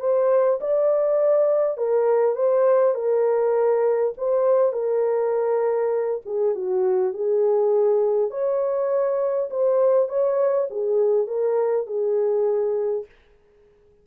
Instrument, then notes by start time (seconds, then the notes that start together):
horn
0.00 C5
0.60 D5
1.77 A#4
2.35 C5
2.95 A#4
4.17 C5
4.73 A#4
6.25 G#4
6.55 F#4
7.14 G#4
8.31 C#5
9.50 C5
10.09 C#5
10.70 G#4
11.27 A#4
11.86 G#4